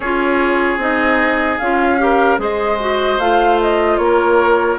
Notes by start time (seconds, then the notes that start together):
0.00 C#4 F4 G#4 C#5
0.77 C4 D#4 D#5
1.58 C#4 F4 F5
1.98 G4 A#4
2.38 G#3 G#4 C5 D#5
2.79 F#4
3.18 A3 F4 F5
3.61 D#5
3.97 A#3 A#4 C#5